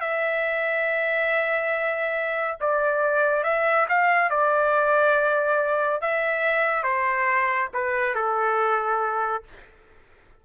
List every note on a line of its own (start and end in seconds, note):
0.00 2.57 E5
2.60 3.43 D5
3.43 3.86 E5
3.88 4.30 F5
4.30 6.01 D5
6.01 6.83 E5
6.83 7.69 C5
7.73 8.14 B4
8.14 9.43 A4